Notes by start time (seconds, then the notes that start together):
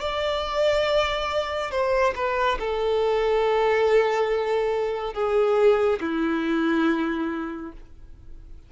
0.00 D5
1.71 C5
2.15 B4
2.59 A4
5.13 G#4
6.00 E4